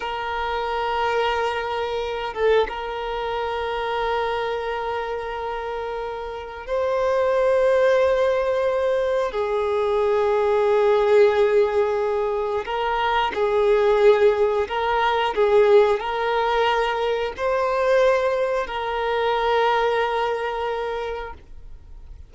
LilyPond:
\new Staff \with { instrumentName = "violin" } { \time 4/4 \tempo 4 = 90 ais'2.~ ais'8 a'8 | ais'1~ | ais'2 c''2~ | c''2 gis'2~ |
gis'2. ais'4 | gis'2 ais'4 gis'4 | ais'2 c''2 | ais'1 | }